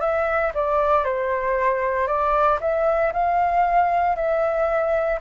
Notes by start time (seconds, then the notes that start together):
0.00 E5
0.54 D5
1.04 C5
2.07 D5
2.61 E5
3.12 F5
4.15 E5